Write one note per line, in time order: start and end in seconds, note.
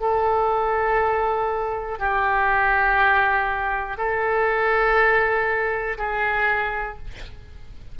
0.00 2.00 A4
2.00 3.97 G4
3.97 5.97 A4
5.98 6.98 G#4